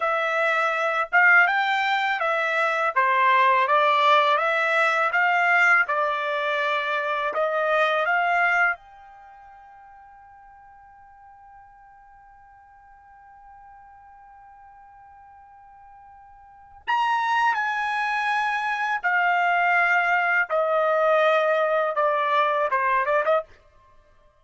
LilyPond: \new Staff \with { instrumentName = "trumpet" } { \time 4/4 \tempo 4 = 82 e''4. f''8 g''4 e''4 | c''4 d''4 e''4 f''4 | d''2 dis''4 f''4 | g''1~ |
g''1~ | g''2. ais''4 | gis''2 f''2 | dis''2 d''4 c''8 d''16 dis''16 | }